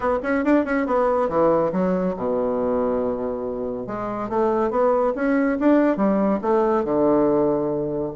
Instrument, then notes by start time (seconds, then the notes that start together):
bassoon
0.00 B3
0.23 C#4
0.44 D4
0.64 C#4
0.86 B3
1.29 E3
1.72 F#3
2.16 B2
3.86 G#3
4.29 A3
4.70 B3
5.15 C#4
5.59 D4
5.96 G3
6.41 A3
6.84 D3